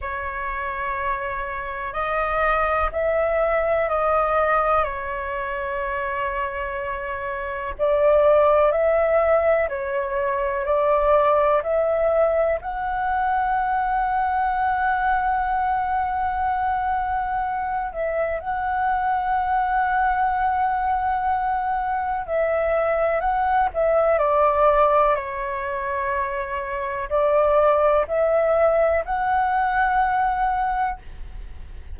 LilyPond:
\new Staff \with { instrumentName = "flute" } { \time 4/4 \tempo 4 = 62 cis''2 dis''4 e''4 | dis''4 cis''2. | d''4 e''4 cis''4 d''4 | e''4 fis''2.~ |
fis''2~ fis''8 e''8 fis''4~ | fis''2. e''4 | fis''8 e''8 d''4 cis''2 | d''4 e''4 fis''2 | }